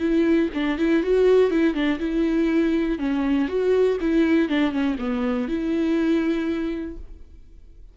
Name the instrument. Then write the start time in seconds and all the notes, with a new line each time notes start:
viola
0.00 E4
0.55 D4
0.78 E4
1.03 F#4
1.51 E4
1.74 D4
2.00 E4
2.99 C#4
3.49 F#4
4.01 E4
4.49 D4
4.72 C#4
4.99 B3
5.49 E4